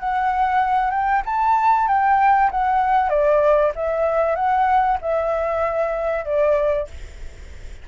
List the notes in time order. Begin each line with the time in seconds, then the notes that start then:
0.00 F#5
0.91 G5
1.25 A5
1.88 G5
2.51 F#5
3.09 D5
3.75 E5
4.36 F#5
5.02 E5
6.25 D5